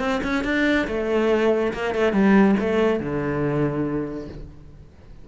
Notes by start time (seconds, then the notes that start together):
0.00 C4
0.24 C#4
0.45 D4
0.88 A3
1.74 A#3
1.95 A3
2.13 G3
2.60 A3
3.00 D3